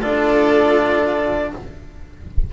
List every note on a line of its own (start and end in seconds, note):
0.00 1.53 D4
0.00 1.50 F4
0.00 1.51 A4
0.00 1.53 D5